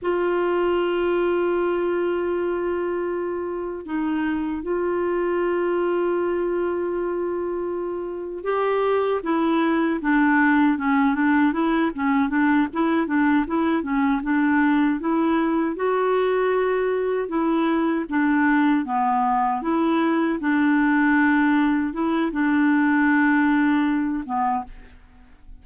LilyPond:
\new Staff \with { instrumentName = "clarinet" } { \time 4/4 \tempo 4 = 78 f'1~ | f'4 dis'4 f'2~ | f'2. g'4 | e'4 d'4 cis'8 d'8 e'8 cis'8 |
d'8 e'8 d'8 e'8 cis'8 d'4 e'8~ | e'8 fis'2 e'4 d'8~ | d'8 b4 e'4 d'4.~ | d'8 e'8 d'2~ d'8 b8 | }